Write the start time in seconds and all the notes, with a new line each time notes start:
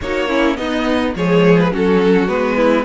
0.01 A#3 D#4 F#4 C#5
0.28 C#4 E4
0.56 B3 D#4 D#5
1.15 F3 G#3 G#4 C#5
1.58 B4
1.72 F#3 C#4 F#4 A4
2.27 G#3 B3 B4
2.56 E4